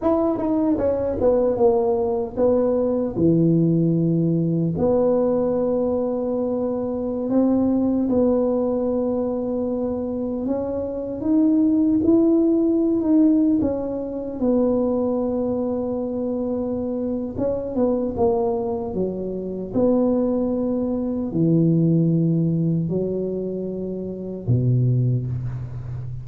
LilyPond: \new Staff \with { instrumentName = "tuba" } { \time 4/4 \tempo 4 = 76 e'8 dis'8 cis'8 b8 ais4 b4 | e2 b2~ | b4~ b16 c'4 b4.~ b16~ | b4~ b16 cis'4 dis'4 e'8.~ |
e'8 dis'8. cis'4 b4.~ b16~ | b2 cis'8 b8 ais4 | fis4 b2 e4~ | e4 fis2 b,4 | }